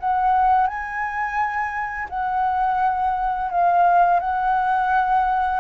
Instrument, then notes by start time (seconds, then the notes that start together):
flute
0.00 F#5
0.67 G#5
2.10 F#5
3.51 F5
4.20 F#5